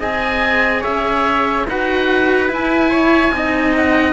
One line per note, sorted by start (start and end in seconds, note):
0.00 0.84 C4
0.00 1.67 G#4
0.00 0.82 D#5
0.00 0.84 G#5
0.82 1.68 C#4
0.82 1.65 C#5
0.82 1.67 E5
1.68 2.51 D#4
1.68 2.48 F#4
1.68 2.91 B4
1.68 2.52 F#5
2.48 3.32 E4
2.48 3.77 G#5
2.91 3.32 C#5
3.32 4.14 C4
3.32 4.14 D#4
3.32 4.14 D#5
3.77 4.14 F#5